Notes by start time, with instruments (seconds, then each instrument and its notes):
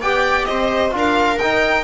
0.00 double bass B3, trombone G4, viola D5, violin G5
0.45 double bass C4, viola C5, violin D#5
0.90 double bass D4, trombone F4, viola A#4
0.98 violin F5
1.38 double bass D#4, trombone D#4, violin G5